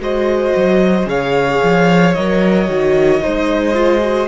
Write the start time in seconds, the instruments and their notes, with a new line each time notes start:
0.00 cello G#3, viola F#4, violin C5 D#5
0.56 cello F#3
1.06 cello C#3, viola G#4, violin C#5 F5
1.63 cello F3
2.14 cello F#3, viola A#4, violin D#5
2.68 cello D#3, viola F#4
3.21 cello G#3, viola D#4, violin C5
3.74 viola F4
4.01 viola F#4